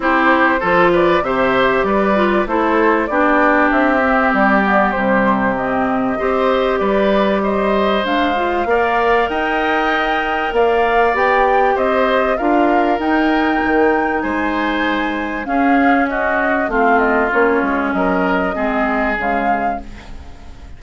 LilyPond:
<<
  \new Staff \with { instrumentName = "flute" } { \time 4/4 \tempo 4 = 97 c''4. d''8 e''4 d''4 | c''4 d''4 e''4 d''4 | c''4 dis''2 d''4 | dis''4 f''2 g''4~ |
g''4 f''4 g''4 dis''4 | f''4 g''2 gis''4~ | gis''4 f''4 dis''4 f''8 dis''8 | cis''4 dis''2 f''4 | }
  \new Staff \with { instrumentName = "oboe" } { \time 4/4 g'4 a'8 b'8 c''4 b'4 | a'4 g'2.~ | g'2 c''4 b'4 | c''2 d''4 dis''4~ |
dis''4 d''2 c''4 | ais'2. c''4~ | c''4 gis'4 fis'4 f'4~ | f'4 ais'4 gis'2 | }
  \new Staff \with { instrumentName = "clarinet" } { \time 4/4 e'4 f'4 g'4. f'8 | e'4 d'4. c'4 b8 | g4 c'4 g'2~ | g'4 d'8 f'8 ais'2~ |
ais'2 g'2 | f'4 dis'2.~ | dis'4 cis'2 c'4 | cis'2 c'4 gis4 | }
  \new Staff \with { instrumentName = "bassoon" } { \time 4/4 c'4 f4 c4 g4 | a4 b4 c'4 g4 | c2 c'4 g4~ | g4 gis4 ais4 dis'4~ |
dis'4 ais4 b4 c'4 | d'4 dis'4 dis4 gis4~ | gis4 cis'2 a4 | ais8 gis8 fis4 gis4 cis4 | }
>>